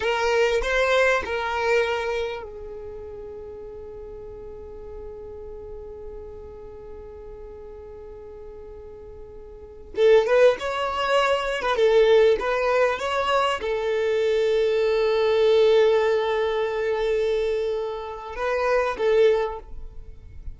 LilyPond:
\new Staff \with { instrumentName = "violin" } { \time 4/4 \tempo 4 = 98 ais'4 c''4 ais'2 | gis'1~ | gis'1~ | gis'1~ |
gis'16 a'8 b'8 cis''4.~ cis''16 b'16 a'8.~ | a'16 b'4 cis''4 a'4.~ a'16~ | a'1~ | a'2 b'4 a'4 | }